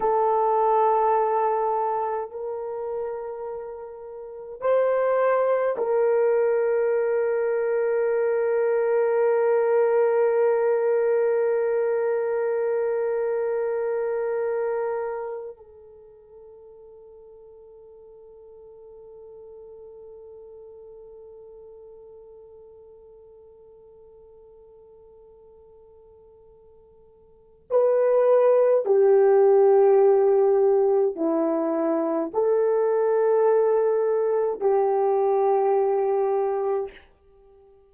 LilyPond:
\new Staff \with { instrumentName = "horn" } { \time 4/4 \tempo 4 = 52 a'2 ais'2 | c''4 ais'2.~ | ais'1~ | ais'4. a'2~ a'8~ |
a'1~ | a'1 | b'4 g'2 e'4 | a'2 g'2 | }